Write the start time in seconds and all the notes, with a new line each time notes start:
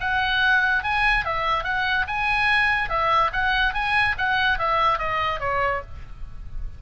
0.00 F#5
0.83 G#5
1.25 E5
1.64 F#5
2.07 G#5
2.89 E5
3.32 F#5
3.73 G#5
4.17 F#5
4.59 E5
4.98 D#5
5.39 C#5